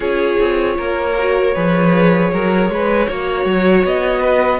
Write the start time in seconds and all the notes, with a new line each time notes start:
0.00 C#4 F4 G#4 C#5
0.39 C4
0.77 A#3 A#4
1.18 F#4
1.54 F3 G#4 B4
2.32 F#3 A#4
2.69 G#3 B4
3.06 A#3 F#4 C#5
3.45 F#3
3.84 B3 D#5
4.20 B4